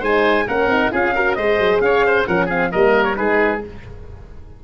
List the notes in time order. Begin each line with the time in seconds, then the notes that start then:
0.00 G#3 D#4 C5 G#5
0.48 A#3 C#4 A#4 F#5
0.67 C4 D#4
0.91 C#4 F4 G#4 F5
1.15 F#4 A#4
1.35 G#3 G#4 C5 D#5
1.59 F#3
1.81 C#4 C#5 F5
2.06 C5
2.26 F3 C#4 A#4 F#5
2.46 C4 G#4 F5
2.72 G3 A#3 A#4 D#5
3.04 C#5
3.16 G#3 D#4 G#4 B4